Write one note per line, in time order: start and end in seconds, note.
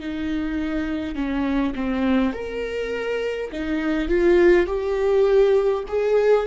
0.00 1.16 D#4
1.16 1.74 C#4
1.75 2.34 C4
2.34 3.51 A#4
3.52 4.09 D#4
4.09 4.67 F4
4.67 5.84 G4
5.88 6.47 G#4